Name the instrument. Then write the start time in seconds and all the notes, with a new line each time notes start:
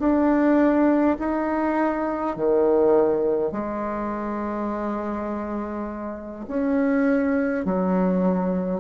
bassoon
0.00 D4
1.20 D#4
2.36 D#3
3.52 G#3
6.48 C#4
7.65 F#3